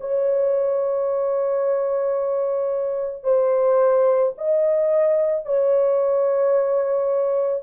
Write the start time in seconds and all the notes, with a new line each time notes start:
0.00 C#5
3.23 C5
4.37 D#5
5.45 C#5